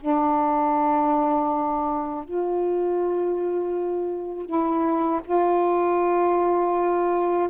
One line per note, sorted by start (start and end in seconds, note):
0.00 2.24 D4
2.24 4.46 F4
4.46 5.21 E4
5.24 7.49 F4